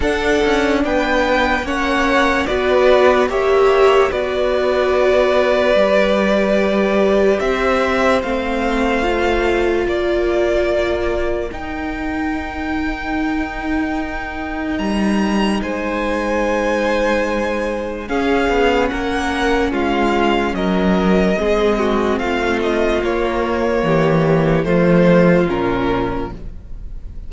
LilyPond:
<<
  \new Staff \with { instrumentName = "violin" } { \time 4/4 \tempo 4 = 73 fis''4 g''4 fis''4 d''4 | e''4 d''2.~ | d''4 e''4 f''2 | d''2 g''2~ |
g''2 ais''4 gis''4~ | gis''2 f''4 fis''4 | f''4 dis''2 f''8 dis''8 | cis''2 c''4 ais'4 | }
  \new Staff \with { instrumentName = "violin" } { \time 4/4 a'4 b'4 cis''4 b'4 | cis''4 b'2.~ | b'4 c''2. | ais'1~ |
ais'2. c''4~ | c''2 gis'4 ais'4 | f'4 ais'4 gis'8 fis'8 f'4~ | f'4 g'4 f'2 | }
  \new Staff \with { instrumentName = "viola" } { \time 4/4 d'2 cis'4 fis'4 | g'4 fis'2 g'4~ | g'2 c'4 f'4~ | f'2 dis'2~ |
dis'1~ | dis'2 cis'2~ | cis'2 c'2 | ais2 a4 cis'4 | }
  \new Staff \with { instrumentName = "cello" } { \time 4/4 d'8 cis'8 b4 ais4 b4 | ais4 b2 g4~ | g4 c'4 a2 | ais2 dis'2~ |
dis'2 g4 gis4~ | gis2 cis'8 b8 ais4 | gis4 fis4 gis4 a4 | ais4 e4 f4 ais,4 | }
>>